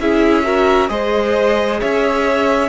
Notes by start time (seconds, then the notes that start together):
0.00 C#4 E4 G#4 E5
0.44 F#4 A#4
0.89 G#3 G#4 C5 D#5
1.80 C#4 C#5 E5